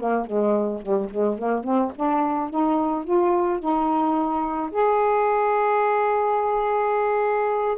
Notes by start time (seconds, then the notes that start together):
0.00 A#3
0.26 G#3
0.82 G3
1.10 G#3
1.38 A#3
1.64 C4
1.96 D4
2.50 D#4
3.04 F4
3.60 D#4
4.71 G#4